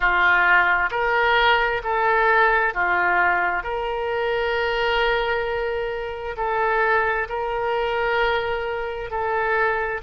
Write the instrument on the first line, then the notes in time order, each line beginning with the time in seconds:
oboe
0.00 F4
0.90 A#4
1.83 A4
2.74 F4
3.63 A#4
6.36 A4
7.29 A#4
9.10 A4